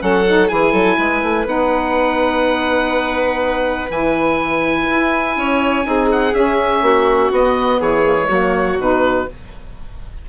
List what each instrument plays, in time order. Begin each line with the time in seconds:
0.00 bassoon F#3, saxophone C#4, violin A4, oboe F#5
0.27 saxophone D#4
0.48 bassoon E3, saxophone E4, violin G#4, oboe G#5
0.72 bassoon F#3, violin A4
0.98 bassoon G#3, violin B4
1.23 bassoon A3
1.45 bassoon B3, saxophone D#4, oboe F#5
3.90 bassoon E3, saxophone E4, oboe G#5
4.91 bassoon E4
5.37 bassoon C#4, violin C#5
5.83 bassoon C4, saxophone D#4, violin G#4
6.12 oboe F#5
6.34 bassoon C#4, saxophone C#4, oboe E5
6.82 bassoon A#3, violin F#4
7.31 saxophone B3, bassoon B3, oboe D#5
7.80 bassoon E3, violin G#4, oboe C#5
8.04 saxophone A#3
8.21 saxophone G#3
8.29 bassoon F#3, saxophone A#3, violin F#4
8.79 bassoon B2, saxophone D#4, oboe B4